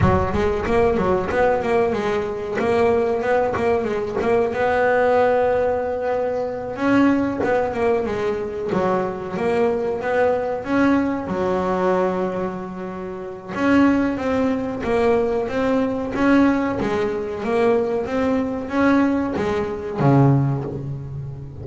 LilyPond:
\new Staff \with { instrumentName = "double bass" } { \time 4/4 \tempo 4 = 93 fis8 gis8 ais8 fis8 b8 ais8 gis4 | ais4 b8 ais8 gis8 ais8 b4~ | b2~ b8 cis'4 b8 | ais8 gis4 fis4 ais4 b8~ |
b8 cis'4 fis2~ fis8~ | fis4 cis'4 c'4 ais4 | c'4 cis'4 gis4 ais4 | c'4 cis'4 gis4 cis4 | }